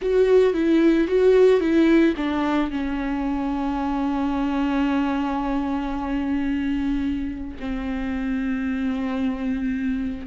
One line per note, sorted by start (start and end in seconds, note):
0.01 0.53 F#4
0.53 1.07 E4
1.07 1.60 F#4
1.60 2.14 E4
2.16 2.70 D4
2.70 7.57 C#4
7.59 10.26 C4